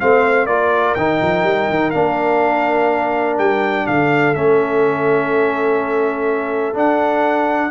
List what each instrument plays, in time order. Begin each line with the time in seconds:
0.00 tuba A3, trombone C4, horn C5, trumpet F5
0.46 tuba A#3, trombone F4, horn A#4, trumpet D5
0.95 tuba D#3, trombone D#4, trumpet G5
1.22 tuba F3
1.44 tuba G3
1.70 tuba D#3
1.91 tuba A#3, trombone D4, trumpet F5
3.39 tuba G3, trumpet G5
3.86 tuba D3, horn A4, trumpet F5
4.35 tuba A3, trombone C#4, trumpet E5
6.74 tuba D4, trombone D4, trumpet F#5